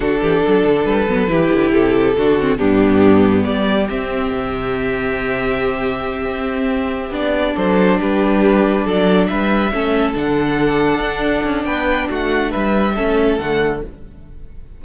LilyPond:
<<
  \new Staff \with { instrumentName = "violin" } { \time 4/4 \tempo 4 = 139 a'2 b'2 | a'2 g'2 | d''4 e''2.~ | e''1~ |
e''8 d''4 c''4 b'4.~ | b'8 d''4 e''2 fis''8~ | fis''2. g''4 | fis''4 e''2 fis''4 | }
  \new Staff \with { instrumentName = "violin" } { \time 4/4 fis'8 g'8 a'2 g'4~ | g'4 fis'4 d'2 | g'1~ | g'1~ |
g'4. a'4 g'4.~ | g'8 a'4 b'4 a'4.~ | a'2. b'4 | fis'4 b'4 a'2 | }
  \new Staff \with { instrumentName = "viola" } { \time 4/4 d'2~ d'8 b8 e'4~ | e'4 d'8 c'8 b2~ | b4 c'2.~ | c'1~ |
c'8 d'2.~ d'8~ | d'2~ d'8 cis'4 d'8~ | d'1~ | d'2 cis'4 a4 | }
  \new Staff \with { instrumentName = "cello" } { \time 4/4 d8 e8 fis8 d8 g8 fis8 e8 d8 | c4 d4 g,2 | g4 c'4 c2~ | c2~ c8 c'4.~ |
c'8 b4 fis4 g4.~ | g8 fis4 g4 a4 d8~ | d4. d'4 cis'8 b4 | a4 g4 a4 d4 | }
>>